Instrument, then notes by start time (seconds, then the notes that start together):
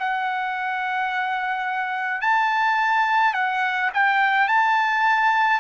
trumpet
0.00 F#5
2.22 A5
3.34 F#5
3.94 G5
4.48 A5